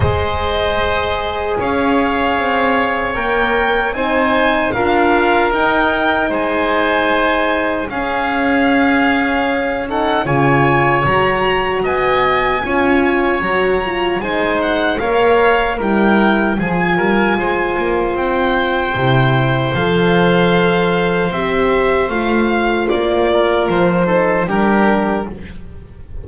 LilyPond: <<
  \new Staff \with { instrumentName = "violin" } { \time 4/4 \tempo 4 = 76 dis''2 f''2 | g''4 gis''4 f''4 g''4 | gis''2 f''2~ | f''8 fis''8 gis''4 ais''4 gis''4~ |
gis''4 ais''4 gis''8 fis''8 f''4 | g''4 gis''2 g''4~ | g''4 f''2 e''4 | f''4 d''4 c''4 ais'4 | }
  \new Staff \with { instrumentName = "oboe" } { \time 4/4 c''2 cis''2~ | cis''4 c''4 ais'2 | c''2 gis'2~ | gis'8 a'8 cis''2 dis''4 |
cis''2 c''4 cis''4 | ais'4 gis'8 ais'8 c''2~ | c''1~ | c''4. ais'4 a'8 g'4 | }
  \new Staff \with { instrumentName = "horn" } { \time 4/4 gis'1 | ais'4 dis'4 f'4 dis'4~ | dis'2 cis'2~ | cis'8 dis'8 f'4 fis'2 |
f'4 fis'8 f'8 dis'4 ais'4 | e'4 f'2. | e'4 a'2 g'4 | f'2~ f'8 dis'8 d'4 | }
  \new Staff \with { instrumentName = "double bass" } { \time 4/4 gis2 cis'4 c'4 | ais4 c'4 d'4 dis'4 | gis2 cis'2~ | cis'4 cis4 fis4 b4 |
cis'4 fis4 gis4 ais4 | g4 f8 g8 gis8 ais8 c'4 | c4 f2 c'4 | a4 ais4 f4 g4 | }
>>